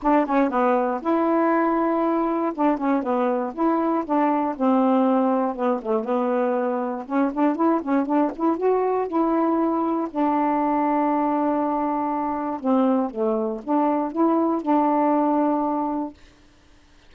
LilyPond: \new Staff \with { instrumentName = "saxophone" } { \time 4/4 \tempo 4 = 119 d'8 cis'8 b4 e'2~ | e'4 d'8 cis'8 b4 e'4 | d'4 c'2 b8 a8 | b2 cis'8 d'8 e'8 cis'8 |
d'8 e'8 fis'4 e'2 | d'1~ | d'4 c'4 a4 d'4 | e'4 d'2. | }